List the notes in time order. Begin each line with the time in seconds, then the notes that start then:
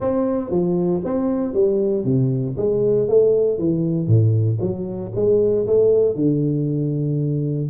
0.00 C4
0.50 F3
1.04 C4
1.53 G3
2.04 C3
2.57 G#3
3.08 A3
3.58 E3
4.07 A2
4.60 F#3
5.15 G#3
5.67 A3
6.15 D3